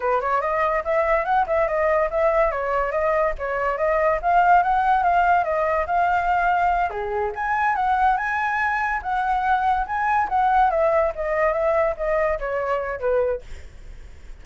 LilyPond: \new Staff \with { instrumentName = "flute" } { \time 4/4 \tempo 4 = 143 b'8 cis''8 dis''4 e''4 fis''8 e''8 | dis''4 e''4 cis''4 dis''4 | cis''4 dis''4 f''4 fis''4 | f''4 dis''4 f''2~ |
f''8 gis'4 gis''4 fis''4 gis''8~ | gis''4. fis''2 gis''8~ | gis''8 fis''4 e''4 dis''4 e''8~ | e''8 dis''4 cis''4. b'4 | }